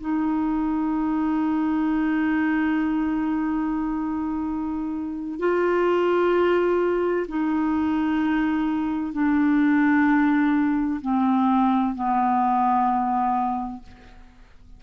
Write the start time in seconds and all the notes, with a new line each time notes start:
0.00 D#4
5.39 F4
7.28 D#4
9.13 D4
11.01 C4
11.95 B3